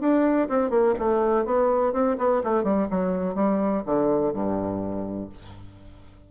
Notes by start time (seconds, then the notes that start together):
0.00 D4
0.48 C4
0.70 A#3
0.99 A3
1.45 B3
1.92 C4
2.18 B3
2.43 A3
2.63 G3
2.90 F#3
3.34 G3
3.85 D3
4.33 G2